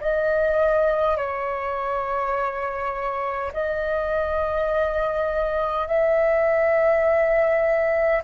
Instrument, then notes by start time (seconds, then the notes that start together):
flute
0.00 D#5
1.17 C#5
3.53 D#5
5.87 E5